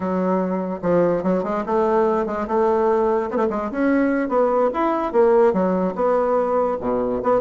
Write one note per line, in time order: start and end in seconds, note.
0.00 0.80 F#3
0.82 1.23 F3
1.23 1.43 F#3
1.43 1.64 G#3
1.66 2.26 A3
2.26 2.46 G#3
2.47 3.30 A3
3.30 3.46 A3
3.30 3.36 B3
3.50 3.70 G#3
3.71 4.29 C#4
4.29 4.70 B3
4.73 5.12 E4
5.12 5.53 A#3
5.53 5.94 F#3
5.95 6.77 B3
6.80 7.21 B2
7.23 7.40 B3